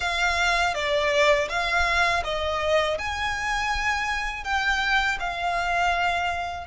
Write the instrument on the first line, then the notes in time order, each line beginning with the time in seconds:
violin
0.00 F5
0.74 D5
1.49 F5
2.24 D#5
2.98 G#5
4.44 G5
5.19 F5